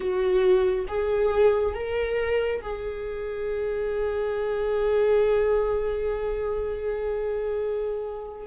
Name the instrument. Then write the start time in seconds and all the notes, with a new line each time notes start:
viola
0.00 F#4
0.88 G#4
1.74 A#4
2.62 G#4